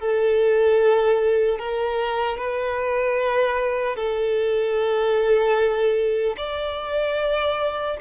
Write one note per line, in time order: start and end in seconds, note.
0.00 1.59 A4
1.59 2.37 A#4
2.37 3.96 B4
3.96 6.36 A4
6.37 7.97 D5